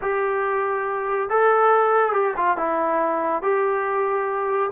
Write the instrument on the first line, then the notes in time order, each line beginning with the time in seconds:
trombone
0.01 G4
1.29 A4
2.12 G4
2.36 F4
2.57 E4
3.42 G4